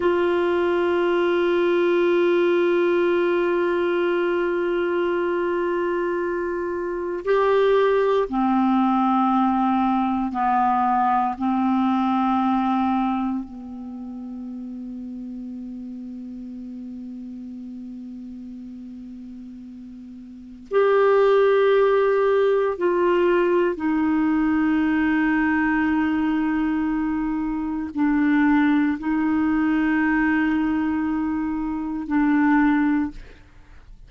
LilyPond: \new Staff \with { instrumentName = "clarinet" } { \time 4/4 \tempo 4 = 58 f'1~ | f'2. g'4 | c'2 b4 c'4~ | c'4 b2.~ |
b1 | g'2 f'4 dis'4~ | dis'2. d'4 | dis'2. d'4 | }